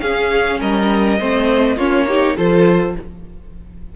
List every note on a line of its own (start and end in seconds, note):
0.00 0.59 C#4
0.00 1.19 C#4
0.00 0.60 G#4
0.00 0.59 F5
0.60 1.20 G3
0.60 1.19 A#4
0.60 1.78 D#5
1.19 1.76 A3
1.19 1.79 C4
1.19 1.76 C5
1.76 2.35 A#3
1.76 2.08 C#4
1.76 2.05 F4
1.76 2.37 C#5
2.08 2.37 D#4
2.08 2.37 G4
2.37 2.96 F3
2.37 2.96 F4
2.37 2.95 A4
2.37 2.96 C5